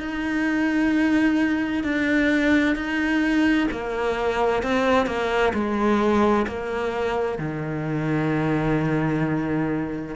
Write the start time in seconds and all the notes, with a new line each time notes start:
0.00 D#4
1.83 D4
2.75 D#4
3.71 A#3
4.63 C4
5.06 A#3
5.53 G#3
6.47 A#3
7.38 D#3